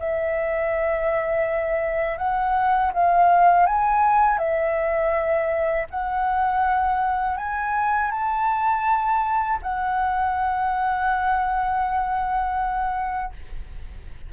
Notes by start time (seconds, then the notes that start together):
0.00 E5
2.19 F#5
2.94 F5
3.67 G#5
4.39 E5
5.91 F#5
7.38 G#5
8.11 A5
9.63 F#5